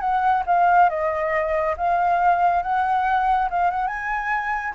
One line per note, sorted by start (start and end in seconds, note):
0.00 0.43 F#5
0.46 0.89 F5
0.89 1.75 D#5
1.77 2.62 F5
2.62 3.49 F#5
3.50 3.70 F5
3.70 3.87 F#5
3.87 4.74 G#5